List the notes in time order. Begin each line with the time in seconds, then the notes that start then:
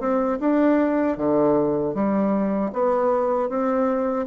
0.00 C4
0.40 D4
1.17 D3
1.94 G3
2.73 B3
3.49 C4